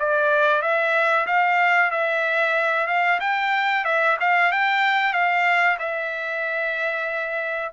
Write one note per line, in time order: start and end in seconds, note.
0.00 0.62 D5
0.62 1.27 E5
1.27 1.92 F5
1.92 2.87 E5
2.87 3.20 F5
3.21 3.85 G5
3.85 4.18 E5
4.21 4.52 F5
4.52 5.13 G5
5.13 5.78 F5
5.79 7.73 E5